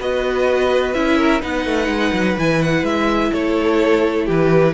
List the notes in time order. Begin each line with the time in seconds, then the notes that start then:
0.00 B3 F#4 B4 D#5
0.94 C#4 E4 E5
1.17 A#4
1.41 B3 D#4 B4 F#5
1.66 A3
1.88 G#3
2.13 F#3
2.38 E3 E4 G#5
2.62 F#5
2.83 G#3 E5
3.32 A3 A4 C#5
4.25 E3 G4 B4